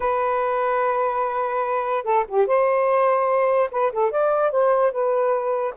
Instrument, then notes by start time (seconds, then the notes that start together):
saxophone
0.00 B4
2.04 A4
2.28 G4
2.47 C5
3.71 B4
3.92 A4
4.11 D5
4.51 C5
4.92 B4